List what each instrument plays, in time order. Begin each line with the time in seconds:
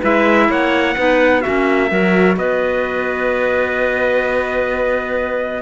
0.00 cello G#3, clarinet E4 B4, trumpet E5
0.49 cello A#3, clarinet C#5, trumpet F#5
0.97 cello B3, clarinet D#4 B4
1.41 clarinet C#4 F#4, trumpet E5
1.48 cello A#3
1.90 cello F#3, clarinet F#4 A#4
2.37 cello B3, clarinet B4, trumpet D#5